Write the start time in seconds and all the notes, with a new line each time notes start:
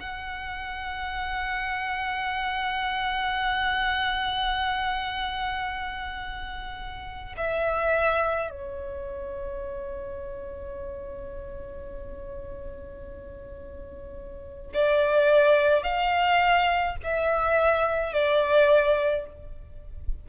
0.00 F#5
7.38 E5
8.51 C#5
14.74 D5
15.84 F5
17.04 E5
18.13 D5